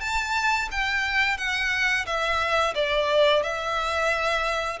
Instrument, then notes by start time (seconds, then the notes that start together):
violin
0.00 A5
0.71 G5
1.37 F#5
2.05 E5
2.74 D5
3.43 E5